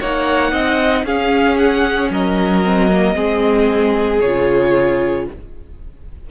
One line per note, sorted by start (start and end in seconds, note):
0.00 0.52 A#3
0.00 1.06 D#4
0.00 0.52 C#5
0.00 1.05 F#5
0.52 1.04 C4
0.52 1.04 D#5
1.04 2.09 C#4
1.04 2.64 C#4
1.04 2.11 G#4
1.04 1.58 F5
1.58 2.10 F#5
2.10 3.15 F#3
2.10 3.16 A#4
2.10 4.21 D#5
2.64 2.91 C4
2.91 3.15 A#3
3.15 4.21 G#3
3.15 4.20 C4
3.15 5.26 G#4
4.21 5.27 C#3
4.21 5.30 F4
4.21 5.26 C#5